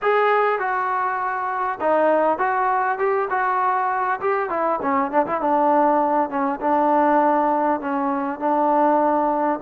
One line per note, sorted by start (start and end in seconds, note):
0.02 0.59 G#4
0.59 1.79 F#4
1.80 2.38 D#4
2.38 2.98 F#4
2.98 3.28 G4
3.29 4.19 F#4
4.20 4.49 G4
4.49 4.79 E4
4.82 5.11 C#4
5.11 5.26 D4
5.26 5.40 E4
5.40 6.29 D4
6.29 6.59 C#4
6.60 7.80 D4
7.80 8.39 C#4
8.39 9.59 D4